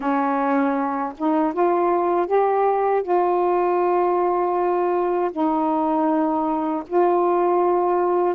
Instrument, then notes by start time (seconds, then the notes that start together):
saxophone
0.00 C#4
1.17 D#4
1.53 F4
2.26 G4
3.02 F4
5.31 D#4
6.87 F4